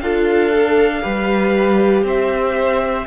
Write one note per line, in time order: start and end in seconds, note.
0.00 1.03 D4
0.00 0.53 F4
0.00 1.02 A4
0.00 2.03 F5
0.53 1.01 A4
1.01 2.03 G3
1.01 3.05 G4
1.01 2.03 B4
2.03 3.05 C4
2.03 3.06 C5
2.03 3.06 E5